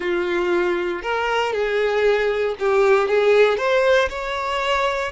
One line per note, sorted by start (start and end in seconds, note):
0.00 1.02 F4
1.02 1.52 A#4
1.52 2.55 G#4
2.59 3.08 G4
3.08 3.57 G#4
3.57 4.08 C5
4.09 5.11 C#5